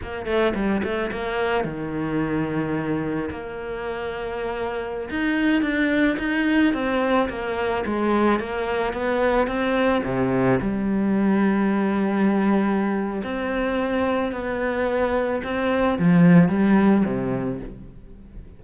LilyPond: \new Staff \with { instrumentName = "cello" } { \time 4/4 \tempo 4 = 109 ais8 a8 g8 a8 ais4 dis4~ | dis2 ais2~ | ais4~ ais16 dis'4 d'4 dis'8.~ | dis'16 c'4 ais4 gis4 ais8.~ |
ais16 b4 c'4 c4 g8.~ | g1 | c'2 b2 | c'4 f4 g4 c4 | }